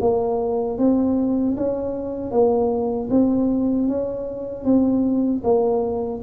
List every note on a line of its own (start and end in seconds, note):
0.00 0.78 A#3
0.78 1.55 C4
1.56 2.31 C#4
2.31 3.09 A#3
3.10 3.87 C4
3.87 4.64 C#4
4.64 5.42 C4
5.43 6.21 A#3